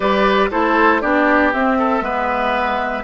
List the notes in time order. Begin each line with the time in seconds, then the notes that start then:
0.00 G3 G4 B4 D5
0.51 A3 E4 A4 C5
1.01 B3 D4 G4 D5
1.53 C4 E5
1.78 A4
2.01 G#3 B3 B4